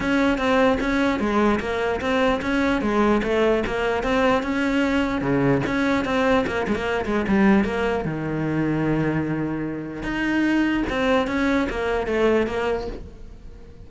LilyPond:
\new Staff \with { instrumentName = "cello" } { \time 4/4 \tempo 4 = 149 cis'4 c'4 cis'4 gis4 | ais4 c'4 cis'4 gis4 | a4 ais4 c'4 cis'4~ | cis'4 cis4 cis'4 c'4 |
ais8 gis16 ais8. gis8 g4 ais4 | dis1~ | dis4 dis'2 c'4 | cis'4 ais4 a4 ais4 | }